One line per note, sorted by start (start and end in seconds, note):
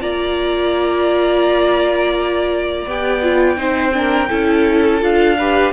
0.00 2.86 A#3
0.00 2.87 F4
0.00 3.58 D5
0.00 2.87 A#5
2.86 3.57 B3
2.86 3.22 G4
2.86 5.03 G5
3.22 3.57 F4
3.57 4.28 C4
3.57 3.92 D#4
3.57 3.93 C5
3.93 4.28 D4
3.93 4.29 A#4
4.29 5.02 C#4
4.29 5.00 E4
4.29 5.36 A4
5.00 5.73 D4
5.00 5.36 F4
5.00 5.73 F5
5.38 5.73 G4
5.38 5.73 B4